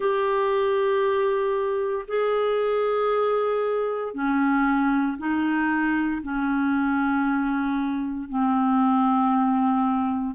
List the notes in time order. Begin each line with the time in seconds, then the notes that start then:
0.00 G4
2.07 G#4
4.14 C#4
5.18 D#4
6.22 C#4
8.28 C4